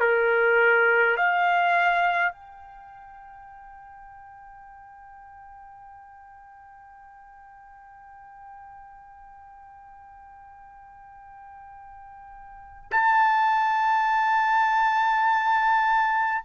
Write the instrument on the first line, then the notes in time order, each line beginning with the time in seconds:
trumpet
0.00 A#4
1.17 F5
2.33 G5
12.91 A5